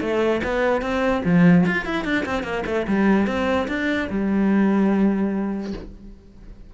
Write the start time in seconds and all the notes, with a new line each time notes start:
0.00 A3
0.43 B3
0.81 C4
1.24 F3
1.66 F4
1.85 E4
2.04 D4
2.25 C4
2.43 A#3
2.65 A3
2.87 G3
3.26 C4
3.68 D4
4.09 G3